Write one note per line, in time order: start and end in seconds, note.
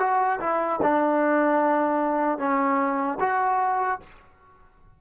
0.00 0.40 F#4
0.40 0.80 E4
0.83 2.39 D4
2.39 3.19 C#4
3.20 4.00 F#4